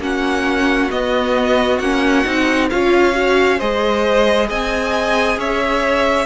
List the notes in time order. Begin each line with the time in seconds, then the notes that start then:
0.00 A#3 C#4 F#4 F#5
0.91 B3 D#5
1.79 A#3 C#4 F#5
2.25 C4 D#4
2.71 C#4 F4 C#5 F5
3.13 F#4
3.58 G#3 G#4 C5 D#5
4.48 C4 D#5 G#5
5.38 C#4 C#5 E5